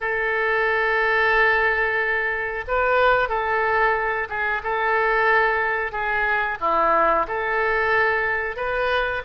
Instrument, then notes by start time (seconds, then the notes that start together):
oboe
0.01 A4
2.67 B4
3.28 A4
4.29 G#4
4.63 A4
5.92 G#4
6.60 E4
7.27 A4
8.56 B4